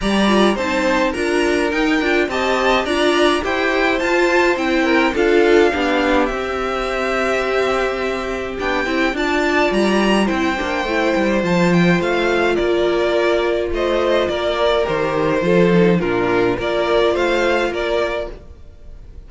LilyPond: <<
  \new Staff \with { instrumentName = "violin" } { \time 4/4 \tempo 4 = 105 ais''4 a''4 ais''4 g''4 | a''4 ais''4 g''4 a''4 | g''4 f''2 e''4~ | e''2. g''4 |
a''4 ais''4 g''2 | a''8 g''8 f''4 d''2 | dis''4 d''4 c''2 | ais'4 d''4 f''4 d''4 | }
  \new Staff \with { instrumentName = "violin" } { \time 4/4 d''4 c''4 ais'2 | dis''4 d''4 c''2~ | c''8 ais'8 a'4 g'2~ | g'1 |
d''2 c''2~ | c''2 ais'2 | c''4 ais'2 a'4 | f'4 ais'4 c''4 ais'4 | }
  \new Staff \with { instrumentName = "viola" } { \time 4/4 g'8 f'8 dis'4 f'4 dis'8 f'8 | g'4 f'4 g'4 f'4 | e'4 f'4 d'4 c'4~ | c'2. d'8 e'8 |
f'2 e'8 d'8 e'4 | f'1~ | f'2 g'4 f'8 dis'8 | d'4 f'2. | }
  \new Staff \with { instrumentName = "cello" } { \time 4/4 g4 c'4 d'4 dis'8 d'8 | c'4 d'4 e'4 f'4 | c'4 d'4 b4 c'4~ | c'2. b8 c'8 |
d'4 g4 c'8 ais8 a8 g8 | f4 a4 ais2 | a4 ais4 dis4 f4 | ais,4 ais4 a4 ais4 | }
>>